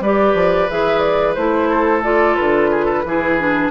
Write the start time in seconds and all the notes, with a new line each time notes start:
0.00 G3 G4 B4 D5
0.34 F3
0.69 E3 G#4 E5
0.99 D5
1.34 A3 E4 C5
1.69 A4
2.03 F4 D5
2.35 D3 B4
2.70 G#4
2.85 A4
3.04 E3 E4 G#4
3.39 D4